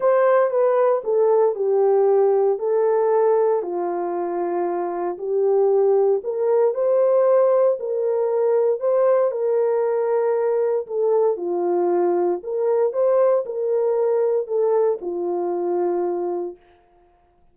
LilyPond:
\new Staff \with { instrumentName = "horn" } { \time 4/4 \tempo 4 = 116 c''4 b'4 a'4 g'4~ | g'4 a'2 f'4~ | f'2 g'2 | ais'4 c''2 ais'4~ |
ais'4 c''4 ais'2~ | ais'4 a'4 f'2 | ais'4 c''4 ais'2 | a'4 f'2. | }